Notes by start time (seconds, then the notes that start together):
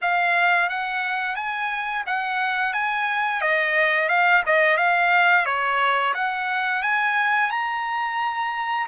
0.01 F5
0.69 F#5
1.35 G#5
2.06 F#5
2.73 G#5
3.41 D#5
4.08 F5
4.45 D#5
4.77 F5
5.45 C#5
6.14 F#5
6.82 G#5
7.50 A#5